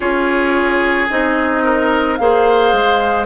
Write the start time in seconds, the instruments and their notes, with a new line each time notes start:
0.00 bassoon C#4, clarinet F4, oboe G#4, flute C#5
1.10 bassoon C4, clarinet D#4, flute D#5
1.63 oboe A#4
2.16 bassoon A#3, clarinet G#4, oboe C5, flute F5
2.72 bassoon G#3